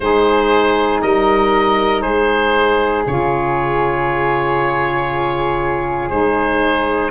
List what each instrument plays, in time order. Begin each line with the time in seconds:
0.00 tuba G#3, saxophone D#4, flute G#4, oboe C5
1.01 tuba G3, flute A#4, oboe D#5
2.01 tuba G#3, flute G#4, oboe C5
3.06 tuba C#3, saxophone F4, oboe C#5
6.09 tuba G#3, saxophone D#4, oboe C5